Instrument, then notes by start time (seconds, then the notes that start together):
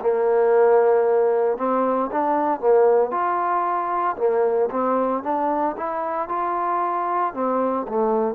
trombone
0.00 A#3
1.57 C4
2.11 D4
2.60 A#3
3.11 F4
4.16 A#3
4.70 C4
5.23 D4
5.77 E4
6.28 F4
7.33 C4
7.88 A3